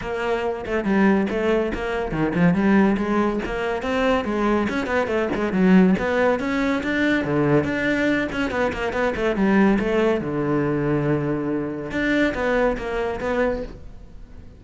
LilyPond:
\new Staff \with { instrumentName = "cello" } { \time 4/4 \tempo 4 = 141 ais4. a8 g4 a4 | ais4 dis8 f8 g4 gis4 | ais4 c'4 gis4 cis'8 b8 | a8 gis8 fis4 b4 cis'4 |
d'4 d4 d'4. cis'8 | b8 ais8 b8 a8 g4 a4 | d1 | d'4 b4 ais4 b4 | }